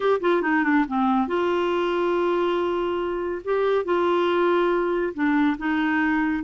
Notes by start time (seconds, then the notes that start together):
0.00 G4
0.20 F4
0.42 D#4
0.63 D4
0.88 C4
1.27 F4
3.44 G4
3.84 F4
5.14 D4
5.58 D#4